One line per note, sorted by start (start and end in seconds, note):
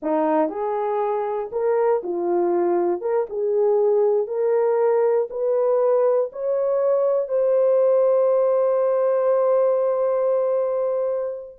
0.02 0.49 D#4
0.49 1.50 G#4
1.52 2.02 A#4
2.03 3.01 F4
3.01 3.26 A#4
3.29 4.27 G#4
4.27 5.28 A#4
5.30 6.30 B4
6.32 7.28 C#5
7.28 11.56 C5